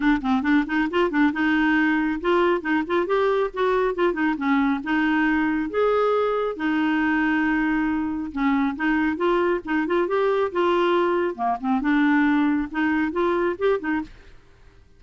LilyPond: \new Staff \with { instrumentName = "clarinet" } { \time 4/4 \tempo 4 = 137 d'8 c'8 d'8 dis'8 f'8 d'8 dis'4~ | dis'4 f'4 dis'8 f'8 g'4 | fis'4 f'8 dis'8 cis'4 dis'4~ | dis'4 gis'2 dis'4~ |
dis'2. cis'4 | dis'4 f'4 dis'8 f'8 g'4 | f'2 ais8 c'8 d'4~ | d'4 dis'4 f'4 g'8 dis'8 | }